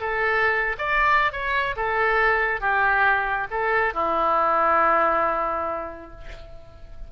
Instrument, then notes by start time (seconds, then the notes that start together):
oboe
0.00 A4
0.78 D5
1.32 C#5
1.76 A4
2.60 G4
3.51 A4
3.93 E4